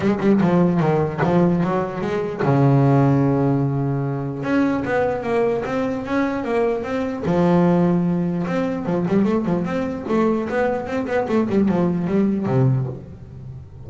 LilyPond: \new Staff \with { instrumentName = "double bass" } { \time 4/4 \tempo 4 = 149 gis8 g8 f4 dis4 f4 | fis4 gis4 cis2~ | cis2. cis'4 | b4 ais4 c'4 cis'4 |
ais4 c'4 f2~ | f4 c'4 f8 g8 a8 f8 | c'4 a4 b4 c'8 b8 | a8 g8 f4 g4 c4 | }